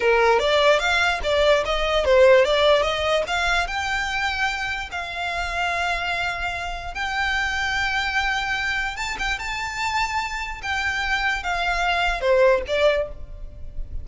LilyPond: \new Staff \with { instrumentName = "violin" } { \time 4/4 \tempo 4 = 147 ais'4 d''4 f''4 d''4 | dis''4 c''4 d''4 dis''4 | f''4 g''2. | f''1~ |
f''4 g''2.~ | g''2 a''8 g''8 a''4~ | a''2 g''2 | f''2 c''4 d''4 | }